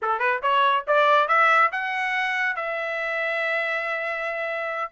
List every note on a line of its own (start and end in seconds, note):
0.02 0.19 A4
0.19 0.40 B4
0.42 0.85 C#5
0.87 1.27 D5
1.27 1.70 E5
1.71 2.56 F#5
2.56 4.91 E5